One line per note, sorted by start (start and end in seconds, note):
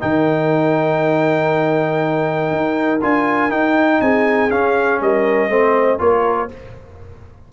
0.00 2.51 D#3
0.00 3.00 D#4
0.00 4.02 A#4
0.00 3.01 G5
2.51 3.01 D#4
3.02 3.50 D4
3.02 3.51 F4
3.02 3.51 G#5
3.50 4.00 D#4
3.50 4.51 D#4
3.50 4.01 G5
4.01 4.51 C4
4.01 5.02 G#4
4.01 4.51 G#5
4.51 5.01 C#4
4.51 5.50 C#4
4.51 5.01 F5
5.01 5.49 G3
5.01 5.50 A#4
5.01 6.00 D#5
5.49 5.99 A3
5.49 5.99 C4
5.49 6.00 C5
5.99 6.50 A#3
5.99 6.49 F4
5.99 6.53 A#4
5.99 6.50 C#5